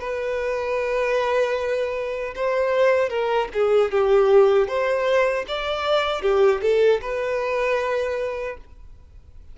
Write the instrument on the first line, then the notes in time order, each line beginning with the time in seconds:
violin
0.00 B4
2.35 C5
3.09 A#4
3.53 G#4
3.91 G4
4.67 C5
5.47 D5
6.22 G4
6.61 A4
7.01 B4